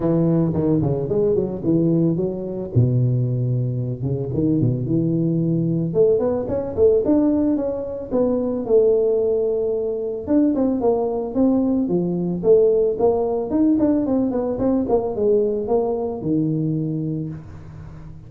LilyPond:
\new Staff \with { instrumentName = "tuba" } { \time 4/4 \tempo 4 = 111 e4 dis8 cis8 gis8 fis8 e4 | fis4 b,2~ b,8 cis8 | dis8 b,8 e2 a8 b8 | cis'8 a8 d'4 cis'4 b4 |
a2. d'8 c'8 | ais4 c'4 f4 a4 | ais4 dis'8 d'8 c'8 b8 c'8 ais8 | gis4 ais4 dis2 | }